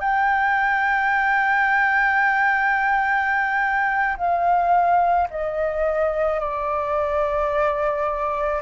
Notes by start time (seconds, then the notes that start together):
0.00 G5
4.17 F5
5.30 D#5
6.39 D5